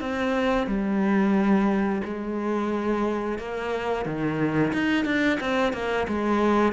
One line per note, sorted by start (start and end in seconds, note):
0.00 0.67 C4
0.67 2.02 G3
2.04 3.38 G#3
3.38 4.05 A#3
4.05 4.73 D#3
4.73 5.05 D#4
5.05 5.39 D4
5.40 5.73 C4
5.73 6.07 A#3
6.08 6.73 G#3